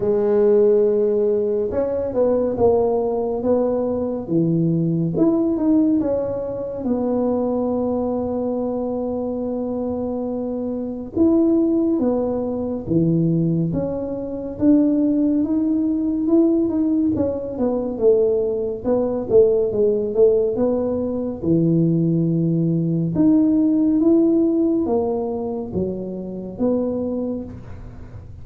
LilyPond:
\new Staff \with { instrumentName = "tuba" } { \time 4/4 \tempo 4 = 70 gis2 cis'8 b8 ais4 | b4 e4 e'8 dis'8 cis'4 | b1~ | b4 e'4 b4 e4 |
cis'4 d'4 dis'4 e'8 dis'8 | cis'8 b8 a4 b8 a8 gis8 a8 | b4 e2 dis'4 | e'4 ais4 fis4 b4 | }